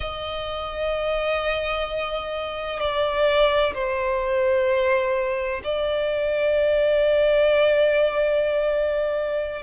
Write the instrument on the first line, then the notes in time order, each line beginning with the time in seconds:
violin
0.00 D#5
2.80 D5
3.74 C5
5.64 D5